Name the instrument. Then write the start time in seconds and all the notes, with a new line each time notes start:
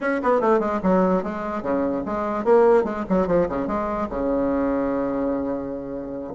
bassoon
0.00 C#4
0.22 B3
0.40 A3
0.59 G#3
0.82 F#3
1.23 G#3
1.62 C#3
2.05 G#3
2.44 A#3
2.84 G#3
3.09 F#3
3.27 F3
3.48 C#3
3.67 G#3
4.09 C#3